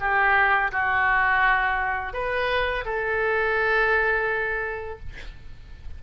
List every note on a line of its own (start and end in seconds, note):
0.00 0.71 G4
0.72 2.13 F#4
2.13 2.85 B4
2.85 5.00 A4